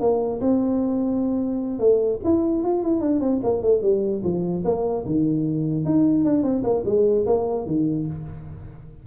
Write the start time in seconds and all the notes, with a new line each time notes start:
0.00 A#3
0.40 C4
1.79 A3
2.24 E4
2.64 F4
2.83 E4
3.01 D4
3.20 C4
3.43 A#3
3.62 A3
3.82 G3
4.24 F3
4.64 A#3
5.06 D#3
5.85 D#4
6.25 D4
6.43 C4
6.63 A#3
6.85 G#3
7.26 A#3
7.66 D#3